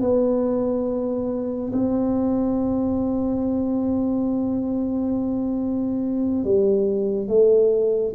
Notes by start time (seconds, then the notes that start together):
0.00 B3
1.72 C4
6.44 G3
7.27 A3